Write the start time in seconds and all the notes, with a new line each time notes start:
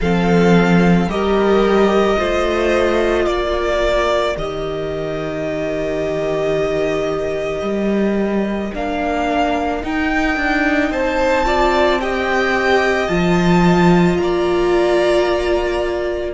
0.00 F3 C4 A4 F5
1.06 G3 G4 A#4 D#5
2.17 A3 F4 C5
3.26 A#3 A#4 D5
4.36 D#3 G4 D#5
7.62 G3
8.73 A#3 D4 F5
9.82 D#4 G5
10.36 D4
10.90 C4 C5 A5
11.45 F4 D5
12.00 G4 D#5 G5
13.07 F3 F4 A5
14.17 A#3 D5 A#5